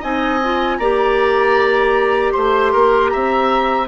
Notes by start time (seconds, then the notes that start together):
0.00 C4 D#4 D#5 G#5
0.44 F4
0.78 A#3 G4 D5 A#5
2.32 A3 C5 C6
2.72 A#3 A#4
3.09 C4 E5 A#5